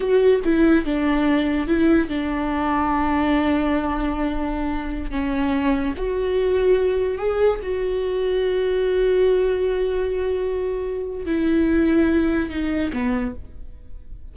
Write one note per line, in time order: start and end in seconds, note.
0.00 0.40 F#4
0.44 0.85 E4
0.85 1.67 D4
1.67 2.09 E4
2.09 5.10 D4
5.10 5.94 C#4
5.97 7.18 F#4
7.18 7.59 G#4
7.62 11.25 F#4
11.25 12.49 E4
12.49 12.91 D#4
12.92 13.34 B3